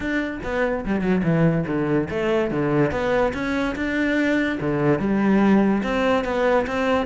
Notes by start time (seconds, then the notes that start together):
0.00 D4
0.43 B3
0.85 G3
1.01 F#3
1.23 E3
1.66 D3
2.10 A3
2.50 D3
2.91 B3
3.33 C#4
3.75 D4
4.60 D3
4.99 G3
5.83 C4
6.24 B3
6.66 C4